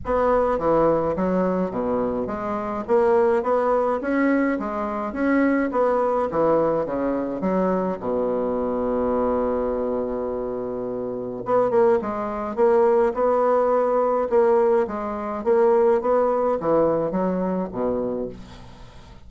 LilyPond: \new Staff \with { instrumentName = "bassoon" } { \time 4/4 \tempo 4 = 105 b4 e4 fis4 b,4 | gis4 ais4 b4 cis'4 | gis4 cis'4 b4 e4 | cis4 fis4 b,2~ |
b,1 | b8 ais8 gis4 ais4 b4~ | b4 ais4 gis4 ais4 | b4 e4 fis4 b,4 | }